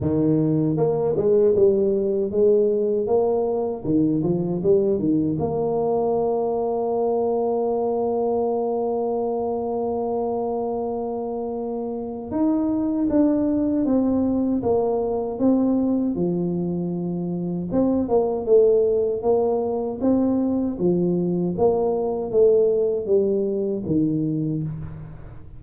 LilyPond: \new Staff \with { instrumentName = "tuba" } { \time 4/4 \tempo 4 = 78 dis4 ais8 gis8 g4 gis4 | ais4 dis8 f8 g8 dis8 ais4~ | ais1~ | ais1 |
dis'4 d'4 c'4 ais4 | c'4 f2 c'8 ais8 | a4 ais4 c'4 f4 | ais4 a4 g4 dis4 | }